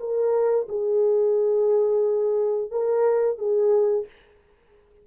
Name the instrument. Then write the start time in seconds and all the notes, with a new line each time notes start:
horn
0.00 A#4
0.69 G#4
2.72 A#4
3.39 G#4